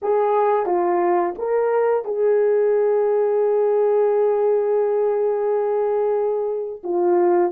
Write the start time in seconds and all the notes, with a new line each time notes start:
0.02 G#4
0.66 F4
1.38 A#4
2.05 G#4
6.83 F4